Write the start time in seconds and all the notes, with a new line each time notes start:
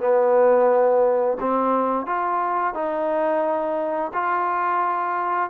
0.00 B3
1.40 C4
2.06 F4
2.74 D#4
4.14 F4